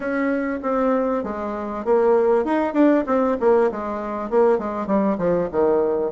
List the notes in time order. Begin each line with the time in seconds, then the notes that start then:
0.00 C#4
0.62 C4
1.23 G#3
1.85 A#3
2.44 D#4
2.73 D4
3.06 C4
3.40 A#3
3.71 G#3
4.30 A#3
4.58 G#3
4.86 G3
5.18 F3
5.51 D#3